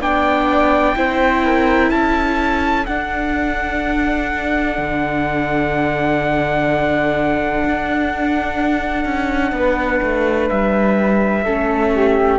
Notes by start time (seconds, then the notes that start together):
0.00 B3 D4 D5 G5
0.96 C4 E4 C5
1.46 A#4
1.91 C#4 A4 A5
2.87 D4 F#5
4.78 D3
7.65 D4
9.05 C#4
9.53 B3 B4
10.03 A3
10.50 G3 E5
11.44 A3 C#4 A4
11.95 G4